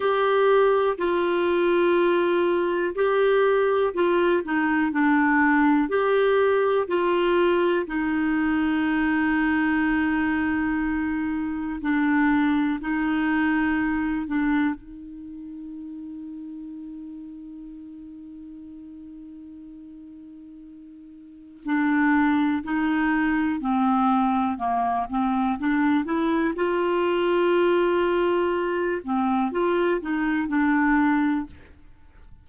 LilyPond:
\new Staff \with { instrumentName = "clarinet" } { \time 4/4 \tempo 4 = 61 g'4 f'2 g'4 | f'8 dis'8 d'4 g'4 f'4 | dis'1 | d'4 dis'4. d'8 dis'4~ |
dis'1~ | dis'2 d'4 dis'4 | c'4 ais8 c'8 d'8 e'8 f'4~ | f'4. c'8 f'8 dis'8 d'4 | }